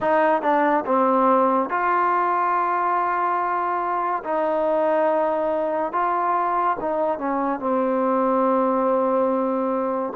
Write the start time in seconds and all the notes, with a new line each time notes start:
0.00 D#4
0.41 D4
0.85 C4
1.69 F4
4.23 D#4
5.92 F4
6.80 D#4
7.18 C#4
7.59 C4